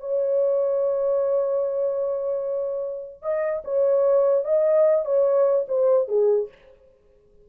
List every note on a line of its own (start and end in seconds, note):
0.00 3.22 C#5
3.22 3.63 D#5
3.65 4.45 C#5
4.45 5.05 D#5
5.05 5.66 C#5
5.68 6.08 C5
6.08 6.49 G#4